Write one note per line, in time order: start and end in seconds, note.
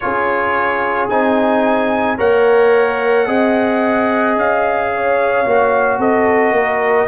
0.00 1.09 C#4
0.00 1.10 F4
0.00 2.17 G#4
0.00 1.08 C#5
1.09 2.18 C4
1.09 2.17 D#4
1.09 2.18 G#5
2.17 3.27 A#3
2.17 3.26 A#4
2.17 3.26 C#5
2.17 4.37 F#5
3.26 4.35 C4
3.26 5.44 G#4
3.26 4.90 D#5
4.35 5.45 C#4
4.35 6.00 F5
4.93 5.98 C#5
5.45 5.98 A#3
5.45 7.07 F#4
5.98 6.51 C4
5.98 6.53 A4
5.98 7.07 D#5
6.51 7.06 A#3
6.51 7.07 A#4